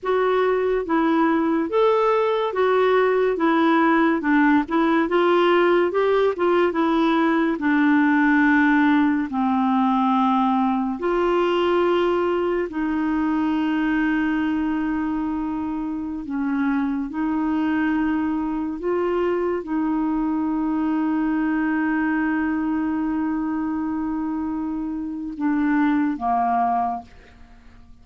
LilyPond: \new Staff \with { instrumentName = "clarinet" } { \time 4/4 \tempo 4 = 71 fis'4 e'4 a'4 fis'4 | e'4 d'8 e'8 f'4 g'8 f'8 | e'4 d'2 c'4~ | c'4 f'2 dis'4~ |
dis'2.~ dis'16 cis'8.~ | cis'16 dis'2 f'4 dis'8.~ | dis'1~ | dis'2 d'4 ais4 | }